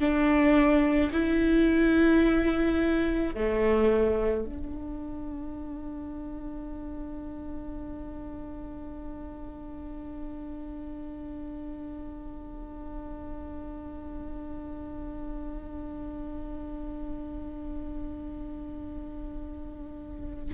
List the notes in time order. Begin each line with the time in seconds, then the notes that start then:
0.00 D4
1.13 E4
3.35 A3
4.45 D4